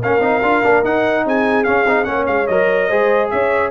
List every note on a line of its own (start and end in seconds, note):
0.00 0.20 A#3
0.00 0.21 C#4
0.00 1.23 A#4
0.00 0.85 F5
0.20 0.41 C4
0.20 0.41 D#4
0.42 0.62 D4
0.42 0.63 F4
0.63 0.85 A#3
0.63 0.84 D4
0.84 1.66 D#4
0.84 1.25 D#4
0.84 1.26 F#5
1.25 1.66 C4
1.25 2.09 G#4
1.25 1.64 G#5
1.64 1.86 C#4
1.64 2.04 F5
1.86 2.06 C4
1.86 2.05 D#4
2.04 2.28 A#3
2.04 2.46 C#4
2.04 2.88 C#5
2.04 2.25 F#5
2.27 2.48 G#3
2.27 2.47 F5
2.47 2.90 F#3
2.47 2.90 A#4
2.47 3.30 D#5
2.88 3.32 G#3
2.88 3.71 G#4
2.88 3.29 C5
3.30 3.71 C#4
3.30 3.71 C#5
3.30 3.71 E5